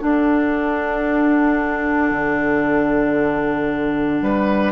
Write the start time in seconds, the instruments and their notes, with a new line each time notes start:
0.00 clarinet D4, bassoon D4, oboe A4, flute F#5
2.11 bassoon D3
4.21 bassoon G3, oboe B4